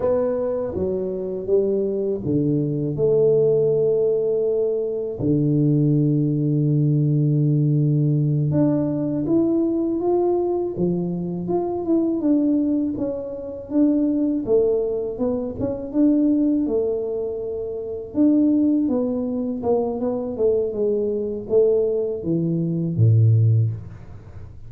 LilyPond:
\new Staff \with { instrumentName = "tuba" } { \time 4/4 \tempo 4 = 81 b4 fis4 g4 d4 | a2. d4~ | d2.~ d8 d'8~ | d'8 e'4 f'4 f4 f'8 |
e'8 d'4 cis'4 d'4 a8~ | a8 b8 cis'8 d'4 a4.~ | a8 d'4 b4 ais8 b8 a8 | gis4 a4 e4 a,4 | }